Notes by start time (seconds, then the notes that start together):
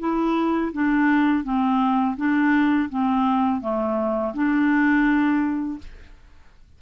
0.00 E4
0.73 D4
1.44 C4
2.17 D4
2.90 C4
3.61 A3
4.34 D4